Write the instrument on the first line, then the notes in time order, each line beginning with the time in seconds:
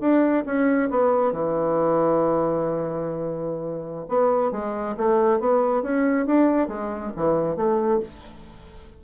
bassoon
0.00 D4
0.45 C#4
0.90 B3
1.32 E3
4.08 B3
4.51 G#3
4.97 A3
5.39 B3
5.82 C#4
6.26 D4
6.68 G#3
7.16 E3
7.56 A3